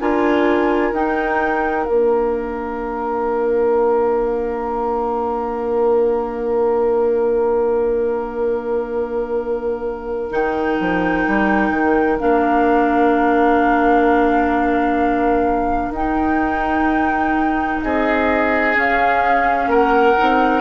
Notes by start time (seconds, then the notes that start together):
0.00 D4 F4 A#4 G#5
0.92 D#4 G5
1.86 A#3 D4 F5
10.30 D#3 D#4 G5
10.80 F3
11.27 G3
11.70 D#3
12.18 A#3 D4 F5
15.90 D#4 G5
17.81 C4 G#4 D#5
18.75 C#4 F5
19.67 A#3 A#4 F#5
20.17 C4 D#4